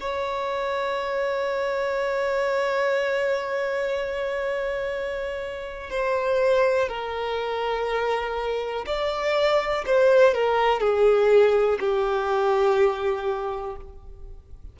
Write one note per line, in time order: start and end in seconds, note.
0.00 5.90 C#5
5.90 6.88 C5
6.88 8.85 A#4
8.86 9.85 D5
9.86 10.34 C5
10.34 10.80 A#4
10.80 11.78 G#4
11.79 13.76 G4